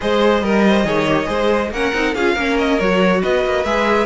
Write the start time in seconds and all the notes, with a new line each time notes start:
0.01 G#3 G#4 C5 D#5
0.42 G3 A#4
0.66 C5
0.84 D#3 G#4 C#5
1.07 G4
1.24 G#3 G#4 C5
1.70 A#3 C#4 A#4 F#5
1.93 C4 D#4
2.14 C#4 F4 G#4 F5
2.33 A#3 C#4 A#4
2.58 D#5
2.79 F#3 F#4 C#5
3.22 B3 B4 D#5
3.45 A#3
3.64 G#3 G#4 E5